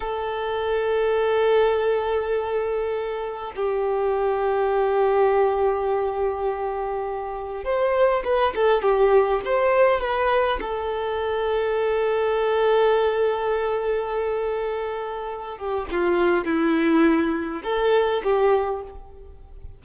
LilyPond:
\new Staff \with { instrumentName = "violin" } { \time 4/4 \tempo 4 = 102 a'1~ | a'2 g'2~ | g'1~ | g'4 c''4 b'8 a'8 g'4 |
c''4 b'4 a'2~ | a'1~ | a'2~ a'8 g'8 f'4 | e'2 a'4 g'4 | }